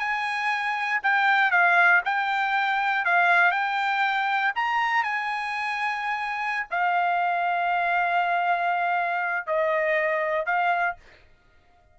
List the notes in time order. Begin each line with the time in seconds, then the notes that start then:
0.00 G#5
1.04 G5
1.51 F5
2.06 G5
3.05 F5
3.52 G5
4.56 A#5
5.04 G#5
6.71 F5
9.47 D#5
10.46 F5